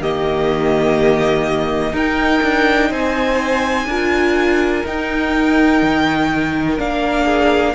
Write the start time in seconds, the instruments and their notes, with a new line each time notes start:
0.00 cello D#3, viola A#3, violin G4 D#5
1.92 cello D#4, viola D#4, violin A#4 G5
2.42 cello D4
2.89 cello C4, violin C5 G#5
3.85 cello D4, viola F4, violin A#4
4.85 viola D#4, cello D#4, violin G5
5.82 cello D#3
6.77 cello A#3, viola D4, violin F5
7.24 violin G#4